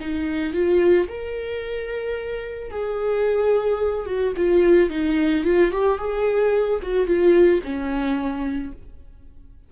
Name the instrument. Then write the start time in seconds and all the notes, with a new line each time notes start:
viola
0.00 D#4
0.53 F4
1.08 A#4
2.70 G#4
4.06 F#4
4.36 F4
4.89 D#4
5.44 F4
5.71 G4
5.98 G#4
6.82 F#4
7.06 F4
7.63 C#4